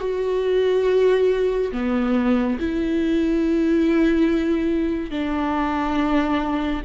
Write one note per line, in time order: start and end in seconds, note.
0.00 1.71 F#4
1.72 2.58 B3
2.59 5.10 E4
5.10 6.82 D4